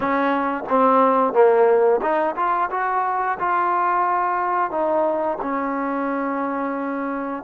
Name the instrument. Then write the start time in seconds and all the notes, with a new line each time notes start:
trombone
0.00 C#4
0.69 C4
1.33 A#3
2.01 D#4
2.36 F4
2.70 F#4
3.39 F4
4.70 D#4
5.41 C#4